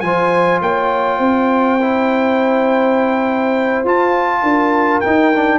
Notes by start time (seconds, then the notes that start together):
0.00 F3 F4 C5 G#5
0.61 A#3 C#5 G5
1.18 C4 C5
1.81 E4
3.84 F4 A5
4.42 D4 A#4
5.00 D#4 G5
5.33 D4